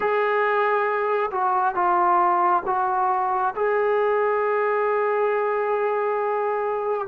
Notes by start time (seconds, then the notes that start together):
0.00 G#4
1.31 F#4
1.74 F4
2.66 F#4
3.55 G#4